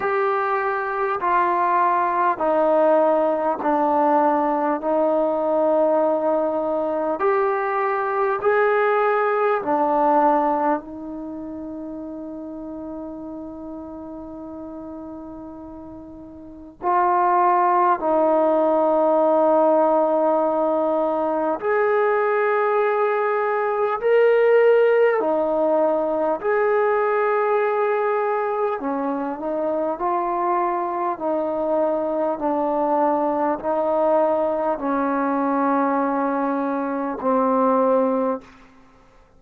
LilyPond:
\new Staff \with { instrumentName = "trombone" } { \time 4/4 \tempo 4 = 50 g'4 f'4 dis'4 d'4 | dis'2 g'4 gis'4 | d'4 dis'2.~ | dis'2 f'4 dis'4~ |
dis'2 gis'2 | ais'4 dis'4 gis'2 | cis'8 dis'8 f'4 dis'4 d'4 | dis'4 cis'2 c'4 | }